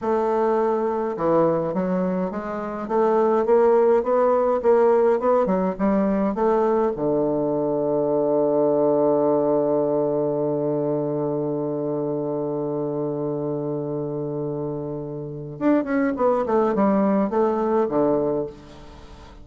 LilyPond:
\new Staff \with { instrumentName = "bassoon" } { \time 4/4 \tempo 4 = 104 a2 e4 fis4 | gis4 a4 ais4 b4 | ais4 b8 fis8 g4 a4 | d1~ |
d1~ | d1~ | d2. d'8 cis'8 | b8 a8 g4 a4 d4 | }